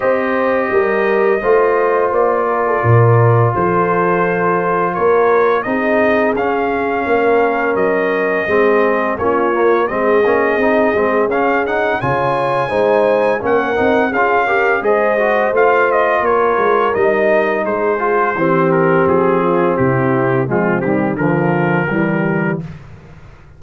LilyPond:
<<
  \new Staff \with { instrumentName = "trumpet" } { \time 4/4 \tempo 4 = 85 dis''2. d''4~ | d''4 c''2 cis''4 | dis''4 f''2 dis''4~ | dis''4 cis''4 dis''2 |
f''8 fis''8 gis''2 fis''4 | f''4 dis''4 f''8 dis''8 cis''4 | dis''4 c''4. ais'8 gis'4 | g'4 f'8 g'8 ais'2 | }
  \new Staff \with { instrumentName = "horn" } { \time 4/4 c''4 ais'4 c''4. ais'16 a'16 | ais'4 a'2 ais'4 | gis'2 ais'2 | gis'4 f'4 gis'2~ |
gis'4 cis''4 c''4 ais'4 | gis'8 ais'8 c''2 ais'4~ | ais'4 gis'4 g'4. f'8 | e'4 c'4 f'4 g'4 | }
  \new Staff \with { instrumentName = "trombone" } { \time 4/4 g'2 f'2~ | f'1 | dis'4 cis'2. | c'4 cis'8 ais8 c'8 cis'8 dis'8 c'8 |
cis'8 dis'8 f'4 dis'4 cis'8 dis'8 | f'8 g'8 gis'8 fis'8 f'2 | dis'4. f'8 c'2~ | c'4 gis8 g8 f4 g4 | }
  \new Staff \with { instrumentName = "tuba" } { \time 4/4 c'4 g4 a4 ais4 | ais,4 f2 ais4 | c'4 cis'4 ais4 fis4 | gis4 ais4 gis8 ais8 c'8 gis8 |
cis'4 cis4 gis4 ais8 c'8 | cis'4 gis4 a4 ais8 gis8 | g4 gis4 e4 f4 | c4 f8 dis8 d4 e4 | }
>>